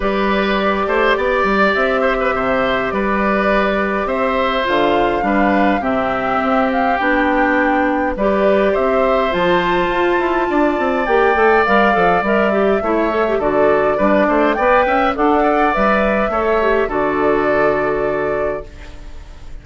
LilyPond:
<<
  \new Staff \with { instrumentName = "flute" } { \time 4/4 \tempo 4 = 103 d''2. e''4~ | e''4 d''2 e''4 | f''2 e''4. f''8 | g''2 d''4 e''4 |
a''2. g''4 | f''4 e''2 d''4~ | d''4 g''4 fis''4 e''4~ | e''4 d''2. | }
  \new Staff \with { instrumentName = "oboe" } { \time 4/4 b'4. c''8 d''4. c''16 b'16 | c''4 b'2 c''4~ | c''4 b'4 g'2~ | g'2 b'4 c''4~ |
c''2 d''2~ | d''2 cis''4 a'4 | b'8 c''8 d''8 e''8 d'8 d''4. | cis''4 a'2. | }
  \new Staff \with { instrumentName = "clarinet" } { \time 4/4 g'1~ | g'1 | f'4 d'4 c'2 | d'2 g'2 |
f'2. g'8 a'8 | ais'8 a'8 ais'8 g'8 e'8 a'16 g'16 fis'4 | d'4 b'4 a'4 b'4 | a'8 g'8 fis'2. | }
  \new Staff \with { instrumentName = "bassoon" } { \time 4/4 g4. a8 b8 g8 c'4 | c4 g2 c'4 | d4 g4 c4 c'4 | b2 g4 c'4 |
f4 f'8 e'8 d'8 c'8 ais8 a8 | g8 f8 g4 a4 d4 | g8 a8 b8 cis'8 d'4 g4 | a4 d2. | }
>>